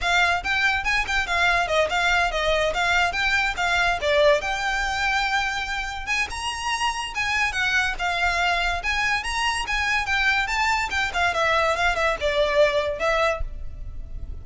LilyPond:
\new Staff \with { instrumentName = "violin" } { \time 4/4 \tempo 4 = 143 f''4 g''4 gis''8 g''8 f''4 | dis''8 f''4 dis''4 f''4 g''8~ | g''8 f''4 d''4 g''4.~ | g''2~ g''8 gis''8 ais''4~ |
ais''4 gis''4 fis''4 f''4~ | f''4 gis''4 ais''4 gis''4 | g''4 a''4 g''8 f''8 e''4 | f''8 e''8 d''2 e''4 | }